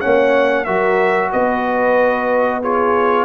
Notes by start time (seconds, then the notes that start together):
0.00 A#3 C#4 C#5 F#5
0.63 F#3 F#4 A#4 E5
1.31 B3 B4 D#5
2.61 F4 G#4 C#5